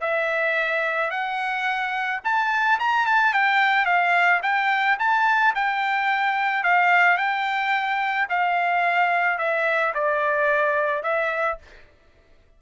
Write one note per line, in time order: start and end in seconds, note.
0.00 1.10 E5
1.10 2.20 F#5
2.24 2.79 A5
2.79 3.06 A#5
3.06 3.33 A5
3.33 3.85 G5
3.85 4.40 F5
4.42 4.97 G5
4.99 5.54 A5
5.54 6.63 G5
6.63 7.17 F5
7.17 8.27 G5
8.29 9.38 F5
9.38 9.93 E5
9.94 11.03 D5
11.03 11.58 E5